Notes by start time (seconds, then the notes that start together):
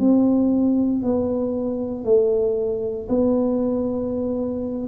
0.00 C4
1.03 B3
2.05 A3
3.09 B3